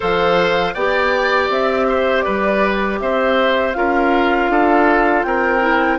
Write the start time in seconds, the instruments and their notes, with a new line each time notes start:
0.00 bassoon F3, clarinet A4, oboe C5, flute F5
0.74 bassoon B3, clarinet G4, oboe D5, flute G5
1.49 bassoon C4, flute E5
1.88 oboe C5
2.21 bassoon G3, oboe B4, flute D5
3.00 bassoon C4, oboe C5, flute E5
3.73 bassoon C#4, clarinet F4, oboe A#4, flute F5
4.49 bassoon D4, oboe A4
5.23 bassoon C4, oboe A#4, flute G5
5.61 clarinet E4